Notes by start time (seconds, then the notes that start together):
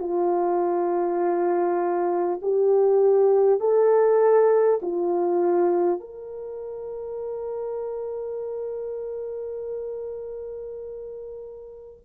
0.00 F4
2.42 G4
3.60 A4
4.82 F4
6.00 A#4